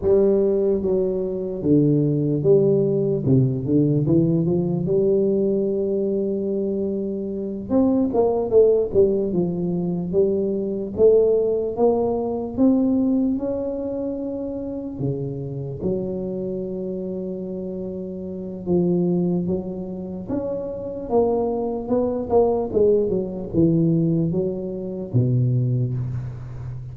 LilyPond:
\new Staff \with { instrumentName = "tuba" } { \time 4/4 \tempo 4 = 74 g4 fis4 d4 g4 | c8 d8 e8 f8 g2~ | g4. c'8 ais8 a8 g8 f8~ | f8 g4 a4 ais4 c'8~ |
c'8 cis'2 cis4 fis8~ | fis2. f4 | fis4 cis'4 ais4 b8 ais8 | gis8 fis8 e4 fis4 b,4 | }